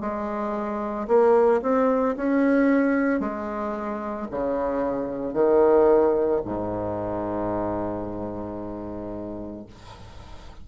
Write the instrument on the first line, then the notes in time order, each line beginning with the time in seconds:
bassoon
0.00 G#3
1.08 A#3
1.62 C4
2.16 C#4
3.20 G#3
4.31 C#3
5.33 D#3
6.44 G#2